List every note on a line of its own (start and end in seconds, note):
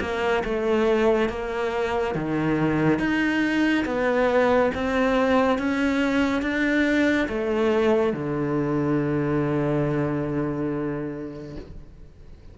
0.00 0.43 A#3
0.44 1.29 A3
1.29 2.15 A#3
2.15 2.99 D#3
2.99 3.85 D#4
3.85 4.71 B3
4.74 5.58 C4
5.58 6.42 C#4
6.42 7.27 D4
7.29 8.13 A3
8.13 11.56 D3